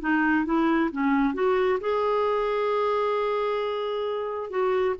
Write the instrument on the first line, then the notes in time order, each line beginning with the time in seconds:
clarinet
0.00 D#4
0.45 E4
0.91 C#4
1.34 F#4
1.80 G#4
4.49 F#4